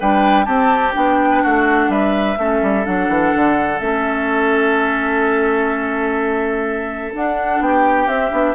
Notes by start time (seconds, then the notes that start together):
0.00 G3 D4 B4 G5
0.45 C4 G4 A5
0.93 B3 D4 G5
1.31 B4
1.43 A3 F#4 F#5
1.89 G3 B4 E5
2.38 A3 C#4 A4
2.63 G3
2.84 F#3 D4 F#5
3.09 E3
3.36 D3
3.80 A3 C#4 E5
7.13 D4 F#5
7.60 B3 G4 G5
8.07 C4 E5
8.31 B3 D4